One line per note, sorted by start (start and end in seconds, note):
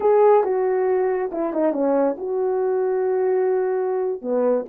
0.00 0.43 G#4
0.43 1.30 F#4
1.32 1.53 E4
1.53 1.72 D#4
1.72 2.16 C#4
2.17 4.21 F#4
4.21 4.65 B3